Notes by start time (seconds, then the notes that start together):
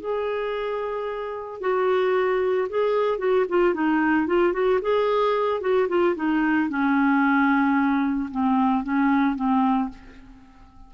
0.00 G#4
1.61 F#4
2.69 G#4
3.18 F#4
3.49 F4
3.74 D#4
4.27 F4
4.53 F#4
4.82 G#4
5.61 F#4
5.88 F4
6.16 D#4
6.69 C#4
8.31 C4
8.83 C#4
9.36 C4